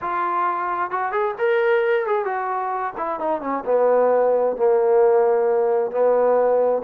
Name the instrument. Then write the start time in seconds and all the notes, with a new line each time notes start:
trombone
0.01 F4
0.90 F#4
1.11 G#4
1.38 A#4
2.06 G#4
2.25 F#4
2.97 E4
3.19 D#4
3.41 C#4
3.65 B3
4.56 A#3
5.91 B3